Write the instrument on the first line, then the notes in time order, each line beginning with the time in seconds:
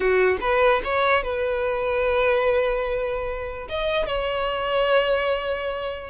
violin
0.00 F#4
0.41 B4
0.83 C#5
1.23 B4
3.68 D#5
4.06 C#5